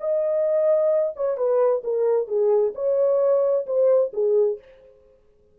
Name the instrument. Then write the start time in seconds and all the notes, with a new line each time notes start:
horn
0.00 D#5
1.16 C#5
1.37 B4
1.83 A#4
2.28 G#4
2.75 C#5
3.66 C5
4.13 G#4